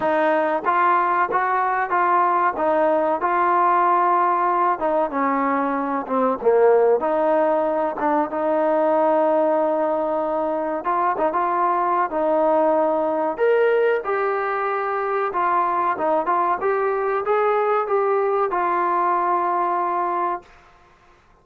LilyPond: \new Staff \with { instrumentName = "trombone" } { \time 4/4 \tempo 4 = 94 dis'4 f'4 fis'4 f'4 | dis'4 f'2~ f'8 dis'8 | cis'4. c'8 ais4 dis'4~ | dis'8 d'8 dis'2.~ |
dis'4 f'8 dis'16 f'4~ f'16 dis'4~ | dis'4 ais'4 g'2 | f'4 dis'8 f'8 g'4 gis'4 | g'4 f'2. | }